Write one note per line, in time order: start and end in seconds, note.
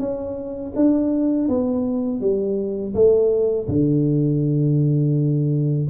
0.00 0.73 C#4
0.76 1.49 D4
1.49 2.21 B3
2.21 2.94 G3
2.95 3.68 A3
3.69 5.88 D3